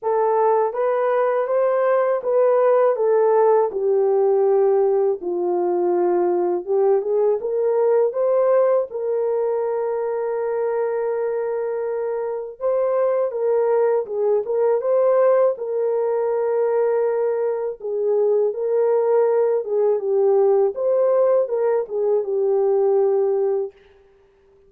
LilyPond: \new Staff \with { instrumentName = "horn" } { \time 4/4 \tempo 4 = 81 a'4 b'4 c''4 b'4 | a'4 g'2 f'4~ | f'4 g'8 gis'8 ais'4 c''4 | ais'1~ |
ais'4 c''4 ais'4 gis'8 ais'8 | c''4 ais'2. | gis'4 ais'4. gis'8 g'4 | c''4 ais'8 gis'8 g'2 | }